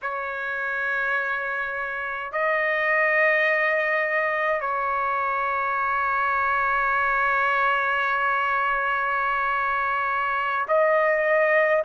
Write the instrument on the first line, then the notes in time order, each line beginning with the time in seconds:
trumpet
0.02 C#5
2.32 D#5
4.60 C#5
10.67 D#5